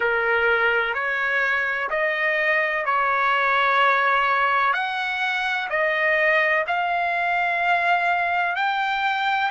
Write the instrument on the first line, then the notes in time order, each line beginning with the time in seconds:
trumpet
0.00 A#4
0.94 C#5
1.90 D#5
2.85 C#5
4.73 F#5
5.69 D#5
6.67 F5
8.55 G5